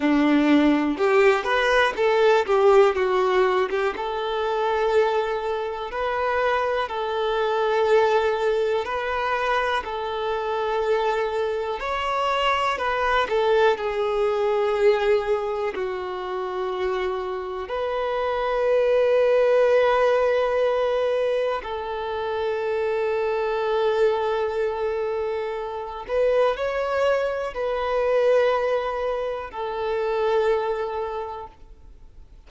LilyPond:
\new Staff \with { instrumentName = "violin" } { \time 4/4 \tempo 4 = 61 d'4 g'8 b'8 a'8 g'8 fis'8. g'16 | a'2 b'4 a'4~ | a'4 b'4 a'2 | cis''4 b'8 a'8 gis'2 |
fis'2 b'2~ | b'2 a'2~ | a'2~ a'8 b'8 cis''4 | b'2 a'2 | }